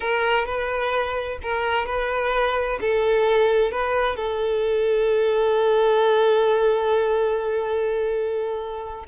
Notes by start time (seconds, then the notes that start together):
0.00 A#4
0.45 B4
1.42 A#4
1.86 B4
2.81 A4
3.71 B4
4.16 A4